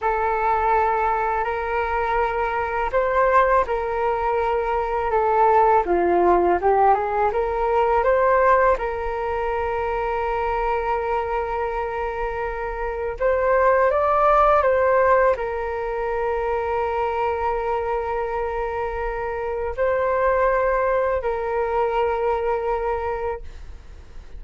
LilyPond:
\new Staff \with { instrumentName = "flute" } { \time 4/4 \tempo 4 = 82 a'2 ais'2 | c''4 ais'2 a'4 | f'4 g'8 gis'8 ais'4 c''4 | ais'1~ |
ais'2 c''4 d''4 | c''4 ais'2.~ | ais'2. c''4~ | c''4 ais'2. | }